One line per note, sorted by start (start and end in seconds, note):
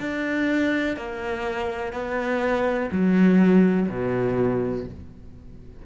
0.00 0.97 D4
0.97 1.93 A#3
1.93 2.89 B3
2.92 3.88 F#3
3.89 4.86 B2